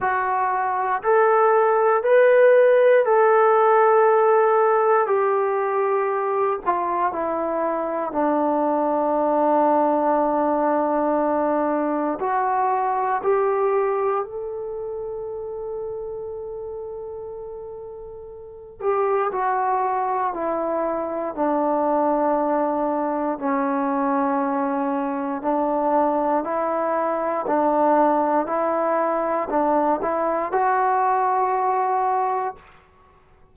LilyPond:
\new Staff \with { instrumentName = "trombone" } { \time 4/4 \tempo 4 = 59 fis'4 a'4 b'4 a'4~ | a'4 g'4. f'8 e'4 | d'1 | fis'4 g'4 a'2~ |
a'2~ a'8 g'8 fis'4 | e'4 d'2 cis'4~ | cis'4 d'4 e'4 d'4 | e'4 d'8 e'8 fis'2 | }